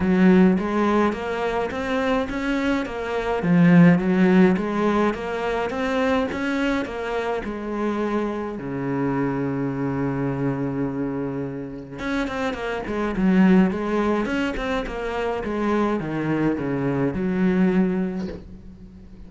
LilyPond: \new Staff \with { instrumentName = "cello" } { \time 4/4 \tempo 4 = 105 fis4 gis4 ais4 c'4 | cis'4 ais4 f4 fis4 | gis4 ais4 c'4 cis'4 | ais4 gis2 cis4~ |
cis1~ | cis4 cis'8 c'8 ais8 gis8 fis4 | gis4 cis'8 c'8 ais4 gis4 | dis4 cis4 fis2 | }